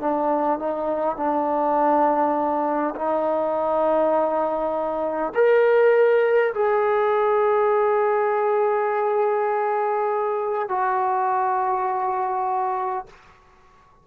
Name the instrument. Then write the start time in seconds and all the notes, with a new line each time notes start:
trombone
0.00 D4
0.59 D#4
1.16 D4
2.95 D#4
5.35 A#4
6.54 G#4
10.69 F#4